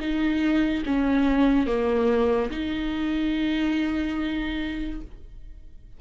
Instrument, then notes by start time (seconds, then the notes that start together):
viola
0.00 D#4
0.86 C#4
1.67 A#3
2.50 D#4